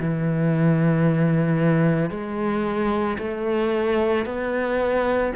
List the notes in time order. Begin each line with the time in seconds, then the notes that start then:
0.00 E3
2.11 G#3
3.19 A3
4.26 B3